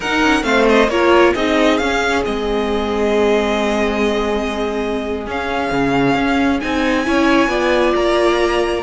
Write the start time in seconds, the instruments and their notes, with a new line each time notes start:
0.00 cello D#4, viola D#4, violin A#4 F#5
0.22 cello C#4
0.42 cello A3, viola C4, violin C5 F5
0.69 violin D#5
0.88 cello A#3, viola F4, violin A#4 C#5
1.33 cello C4, viola D#4, violin G#4 D#5
1.77 cello C#4, viola C#4, violin F5
2.24 cello G#3, viola C4, violin D#5
5.26 cello C#4, viola C#4, violin F5
5.71 cello C#3
6.15 cello C#4
6.60 cello C4, viola D#4, violin G#5
7.05 cello C#4, viola E4, violin C#5
7.48 cello B3, viola F4, violin D5
7.95 cello A#3, violin A#5